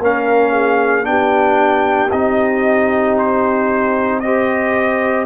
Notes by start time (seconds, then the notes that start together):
0.00 A#3 C#4 A#4 F5
0.53 G#4
1.04 B3 D4 G4 G5
2.12 C4 D#4 D#5
3.18 C5
4.20 G4 C5 D#5